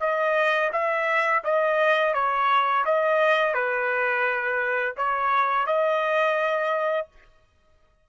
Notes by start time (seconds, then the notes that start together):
0.00 D#5
0.73 E5
1.44 D#5
2.14 C#5
2.86 D#5
3.54 B4
4.97 C#5
5.67 D#5